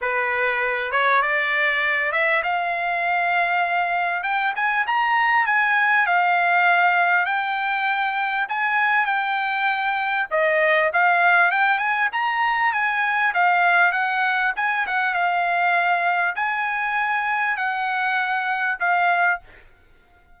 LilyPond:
\new Staff \with { instrumentName = "trumpet" } { \time 4/4 \tempo 4 = 99 b'4. cis''8 d''4. e''8 | f''2. g''8 gis''8 | ais''4 gis''4 f''2 | g''2 gis''4 g''4~ |
g''4 dis''4 f''4 g''8 gis''8 | ais''4 gis''4 f''4 fis''4 | gis''8 fis''8 f''2 gis''4~ | gis''4 fis''2 f''4 | }